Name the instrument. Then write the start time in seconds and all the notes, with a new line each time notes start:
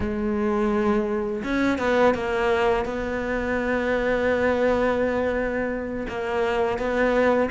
cello
0.00 G#3
1.43 C#4
1.78 B3
2.14 A#3
2.85 B3
6.08 A#3
6.78 B3